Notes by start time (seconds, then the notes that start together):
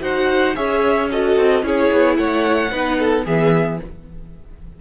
0.00 D#4 F#4 C5 F#5
0.55 C#4 G#4 C#5 E5
1.10 F#4 A4 D#5
1.36 C4
1.62 C#4 E4 G#4 C#5
1.92 B3
2.16 A3 C#5 F#5
2.71 B3 D#4 B4
2.99 A4
3.25 E3 B3 G#4 E5